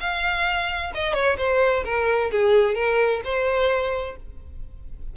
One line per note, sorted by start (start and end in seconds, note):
0.00 0.92 F5
0.94 1.14 D#5
1.14 1.37 C#5
1.38 1.84 C5
1.85 2.31 A#4
2.31 2.75 G#4
2.75 3.21 A#4
3.24 4.17 C5